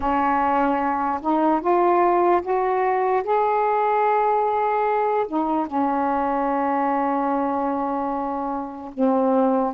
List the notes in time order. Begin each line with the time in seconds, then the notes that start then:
0.00 C#4
1.21 D#4
1.60 F4
2.41 F#4
3.23 G#4
5.27 D#4
5.66 C#4
8.93 C4